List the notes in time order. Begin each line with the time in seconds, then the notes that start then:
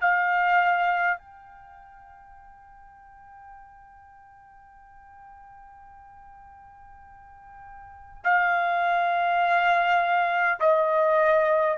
0.00 F5
1.18 G5
8.24 F5
10.59 D#5